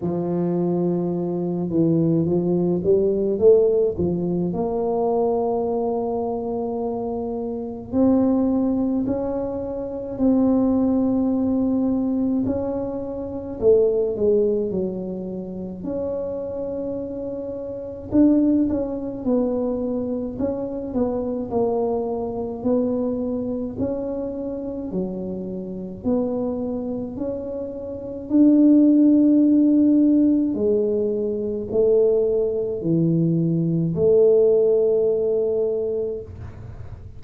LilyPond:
\new Staff \with { instrumentName = "tuba" } { \time 4/4 \tempo 4 = 53 f4. e8 f8 g8 a8 f8 | ais2. c'4 | cis'4 c'2 cis'4 | a8 gis8 fis4 cis'2 |
d'8 cis'8 b4 cis'8 b8 ais4 | b4 cis'4 fis4 b4 | cis'4 d'2 gis4 | a4 e4 a2 | }